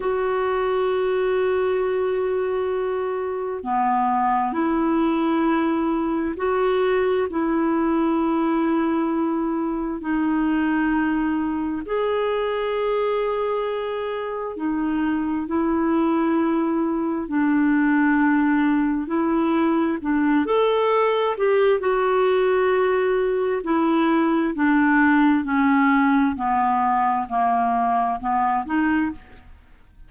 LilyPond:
\new Staff \with { instrumentName = "clarinet" } { \time 4/4 \tempo 4 = 66 fis'1 | b4 e'2 fis'4 | e'2. dis'4~ | dis'4 gis'2. |
dis'4 e'2 d'4~ | d'4 e'4 d'8 a'4 g'8 | fis'2 e'4 d'4 | cis'4 b4 ais4 b8 dis'8 | }